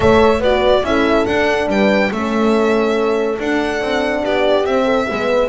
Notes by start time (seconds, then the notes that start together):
0.00 A3 A4 C#5 E5
0.39 B3 F#4 B4 D5
0.82 C#4 E4 A4 E5
1.25 D4 F#5
1.67 G3 B4 G5
2.11 A3 C#4 A4 E5
3.39 D4 F#5
3.81 C4
4.23 B3 G4 D5
4.65 C4 E5
4.84 A4
5.07 G#3 B3 B4